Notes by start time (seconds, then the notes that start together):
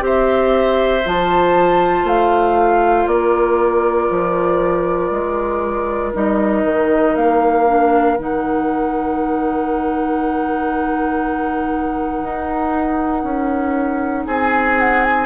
0.00 C4 G4 C5
0.07 E5
1.06 F3 F4 A5
2.04 A3 F5
3.07 A#3 A#4 D5
4.10 F3
5.11 G#3
6.14 G3 D#4 D#5
6.64 D#3
7.16 A#3 F5
7.67 D4
8.17 D#3 D#4 F#5
12.24 D#4
13.24 C#4
14.26 C4 G#4 G#5
14.80 F#5
15.04 G#5